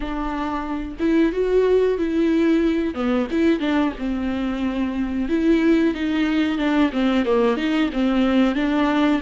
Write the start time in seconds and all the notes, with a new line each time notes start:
0.00 D4
0.99 E4
1.32 F#4
1.98 E4
2.94 B3
3.31 E4
3.59 D4
3.98 C4
5.29 E4
5.94 D#4
6.58 D4
6.92 C4
7.25 A#3
7.56 D#4
7.92 C4
8.55 D4